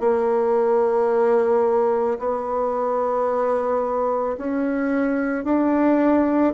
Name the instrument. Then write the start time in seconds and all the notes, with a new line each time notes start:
bassoon
0.00 A#3
2.19 B3
4.38 C#4
5.44 D4